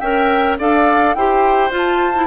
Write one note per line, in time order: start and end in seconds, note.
0.00 0.59 C#4
0.00 0.60 A#4
0.00 0.58 E5
0.00 0.57 G5
0.59 1.15 D4
0.59 1.17 A4
0.59 1.16 D5
0.59 1.14 F5
1.14 1.71 E4
1.14 1.71 G4
1.14 2.28 C5
1.14 1.72 G5
1.71 2.28 F4
1.71 2.14 F4
1.78 2.28 A5
2.15 2.28 E4